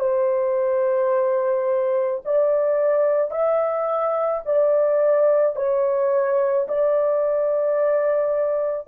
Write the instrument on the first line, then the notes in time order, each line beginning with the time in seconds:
horn
0.00 C5
2.25 D5
3.31 E5
4.45 D5
5.56 C#5
6.69 D5